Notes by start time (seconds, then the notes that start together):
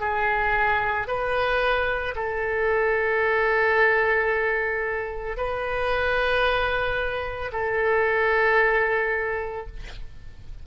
0.00 G#4
1.07 B4
2.15 A4
5.37 B4
7.52 A4